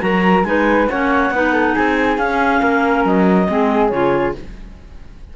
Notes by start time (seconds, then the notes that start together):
0.00 F#3 F#4 A#4 A#5
0.44 G#3 D#4 B4 G#5
0.90 A#3 C#4 C#5 F#5
1.30 B3 D#4 B4
1.52 A4
1.74 C4 G#4 G#5
2.18 C#4 F5
2.61 A#3 A#4
3.05 F#3 D#5
3.47 G#3 C4 G#4
3.89 C#3 F4 C#5